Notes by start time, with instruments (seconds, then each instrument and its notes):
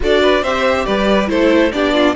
0.00 cello D4, viola F#4, violin A4 D5
0.22 violin B4
0.42 cello C4, viola G4, violin C5 E5
0.85 cello G3, violin B4 D5
1.27 cello A3, viola E4, violin A4 C5
1.72 cello B3, viola D4, violin G4 D5
1.93 violin F4